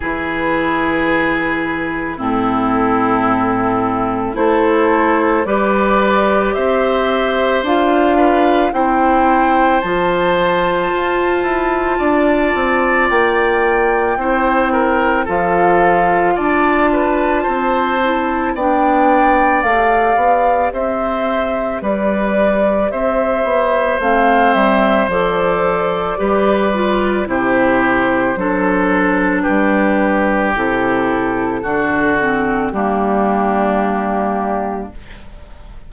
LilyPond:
<<
  \new Staff \with { instrumentName = "flute" } { \time 4/4 \tempo 4 = 55 b'2 a'2 | c''4 d''4 e''4 f''4 | g''4 a''2. | g''2 f''4 a''4~ |
a''4 g''4 f''4 e''4 | d''4 e''4 f''8 e''8 d''4~ | d''4 c''2 b'4 | a'2 g'2 | }
  \new Staff \with { instrumentName = "oboe" } { \time 4/4 gis'2 e'2 | a'4 b'4 c''4. b'8 | c''2. d''4~ | d''4 c''8 ais'8 a'4 d''8 b'8 |
c''4 d''2 c''4 | b'4 c''2. | b'4 g'4 a'4 g'4~ | g'4 fis'4 d'2 | }
  \new Staff \with { instrumentName = "clarinet" } { \time 4/4 e'2 c'2 | e'4 g'2 f'4 | e'4 f'2.~ | f'4 e'4 f'2~ |
f'8 e'8 d'4 g'2~ | g'2 c'4 a'4 | g'8 f'8 e'4 d'2 | e'4 d'8 c'8 ais2 | }
  \new Staff \with { instrumentName = "bassoon" } { \time 4/4 e2 a,2 | a4 g4 c'4 d'4 | c'4 f4 f'8 e'8 d'8 c'8 | ais4 c'4 f4 d'4 |
c'4 b4 a8 b8 c'4 | g4 c'8 b8 a8 g8 f4 | g4 c4 fis4 g4 | c4 d4 g2 | }
>>